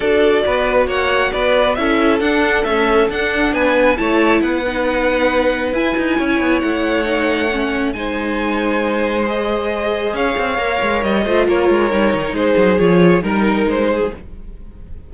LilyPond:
<<
  \new Staff \with { instrumentName = "violin" } { \time 4/4 \tempo 4 = 136 d''2 fis''4 d''4 | e''4 fis''4 e''4 fis''4 | gis''4 a''4 fis''2~ | fis''4 gis''2 fis''4~ |
fis''2 gis''2~ | gis''4 dis''2 f''4~ | f''4 dis''4 cis''2 | c''4 cis''4 ais'4 c''4 | }
  \new Staff \with { instrumentName = "violin" } { \time 4/4 a'4 b'4 cis''4 b'4 | a'1 | b'4 cis''4 b'2~ | b'2 cis''2~ |
cis''2 c''2~ | c''2. cis''4~ | cis''4. c''8 ais'2 | gis'2 ais'4. gis'8 | }
  \new Staff \with { instrumentName = "viola" } { \time 4/4 fis'1 | e'4 d'4 a4 d'4~ | d'4 e'4. dis'4.~ | dis'4 e'2. |
dis'4 cis'4 dis'2~ | dis'4 gis'2. | ais'4. f'4. dis'4~ | dis'4 f'4 dis'2 | }
  \new Staff \with { instrumentName = "cello" } { \time 4/4 d'4 b4 ais4 b4 | cis'4 d'4 cis'4 d'4 | b4 a4 b2~ | b4 e'8 dis'8 cis'8 b8 a4~ |
a2 gis2~ | gis2. cis'8 c'8 | ais8 gis8 g8 a8 ais8 gis8 g8 dis8 | gis8 fis8 f4 g4 gis4 | }
>>